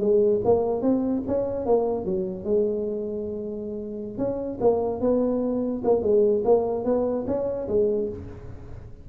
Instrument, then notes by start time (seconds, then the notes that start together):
tuba
0.00 G#3
0.45 A#3
0.82 C4
1.27 C#4
1.66 A#3
2.05 F#3
2.44 G#3
4.18 C#4
4.60 A#3
5.01 B3
5.84 A#3
6.02 G#3
6.45 A#3
6.85 B3
7.27 C#4
7.68 G#3